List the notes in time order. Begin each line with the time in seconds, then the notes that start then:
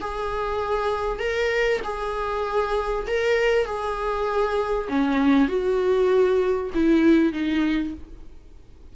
0.00 G#4
1.19 A#4
1.84 G#4
3.07 A#4
3.65 G#4
4.88 C#4
5.48 F#4
6.74 E4
7.32 D#4